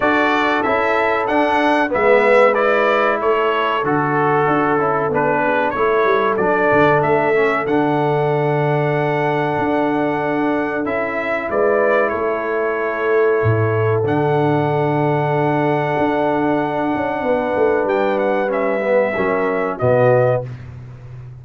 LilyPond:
<<
  \new Staff \with { instrumentName = "trumpet" } { \time 4/4 \tempo 4 = 94 d''4 e''4 fis''4 e''4 | d''4 cis''4 a'2 | b'4 cis''4 d''4 e''4 | fis''1~ |
fis''4 e''4 d''4 cis''4~ | cis''2 fis''2~ | fis''1 | g''8 fis''8 e''2 dis''4 | }
  \new Staff \with { instrumentName = "horn" } { \time 4/4 a'2. b'4~ | b'4 a'2.~ | a'8 gis'8 a'2.~ | a'1~ |
a'2 b'4 a'4~ | a'1~ | a'2. b'4~ | b'2 ais'4 fis'4 | }
  \new Staff \with { instrumentName = "trombone" } { \time 4/4 fis'4 e'4 d'4 b4 | e'2 fis'4. e'8 | d'4 e'4 d'4. cis'8 | d'1~ |
d'4 e'2.~ | e'2 d'2~ | d'1~ | d'4 cis'8 b8 cis'4 b4 | }
  \new Staff \with { instrumentName = "tuba" } { \time 4/4 d'4 cis'4 d'4 gis4~ | gis4 a4 d4 d'8 cis'8 | b4 a8 g8 fis8 d8 a4 | d2. d'4~ |
d'4 cis'4 gis4 a4~ | a4 a,4 d2~ | d4 d'4. cis'8 b8 a8 | g2 fis4 b,4 | }
>>